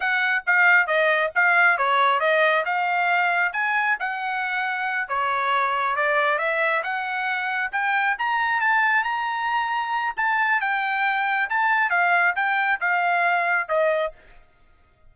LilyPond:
\new Staff \with { instrumentName = "trumpet" } { \time 4/4 \tempo 4 = 136 fis''4 f''4 dis''4 f''4 | cis''4 dis''4 f''2 | gis''4 fis''2~ fis''8 cis''8~ | cis''4. d''4 e''4 fis''8~ |
fis''4. g''4 ais''4 a''8~ | a''8 ais''2~ ais''8 a''4 | g''2 a''4 f''4 | g''4 f''2 dis''4 | }